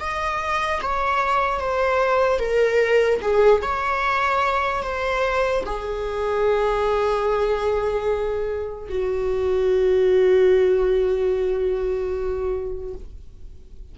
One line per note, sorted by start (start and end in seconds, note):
0.00 0.81 D#5
0.82 1.60 C#5
1.60 2.39 C5
2.39 3.20 A#4
3.22 3.62 G#4
3.62 4.83 C#5
4.83 5.64 C5
5.66 8.89 G#4
8.89 12.95 F#4